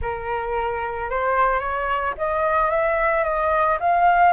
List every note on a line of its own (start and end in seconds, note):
0.01 1.10 A#4
1.10 1.59 C5
1.59 2.14 C#5
2.17 2.70 D#5
2.70 3.24 E5
3.24 3.78 D#5
3.80 4.33 F5